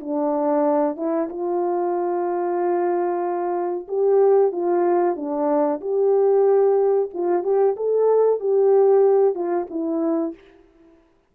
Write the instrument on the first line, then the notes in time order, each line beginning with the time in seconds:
horn
0.00 D4
0.96 E4
1.30 F4
3.88 G4
4.52 F4
5.16 D4
5.81 G4
7.14 F4
7.43 G4
7.77 A4
8.40 G4
9.35 F4
9.70 E4